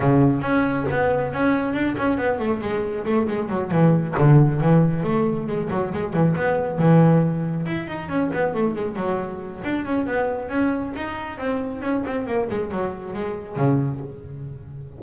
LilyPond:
\new Staff \with { instrumentName = "double bass" } { \time 4/4 \tempo 4 = 137 cis4 cis'4 b4 cis'4 | d'8 cis'8 b8 a8 gis4 a8 gis8 | fis8 e4 d4 e4 a8~ | a8 gis8 fis8 gis8 e8 b4 e8~ |
e4. e'8 dis'8 cis'8 b8 a8 | gis8 fis4. d'8 cis'8 b4 | cis'4 dis'4 c'4 cis'8 c'8 | ais8 gis8 fis4 gis4 cis4 | }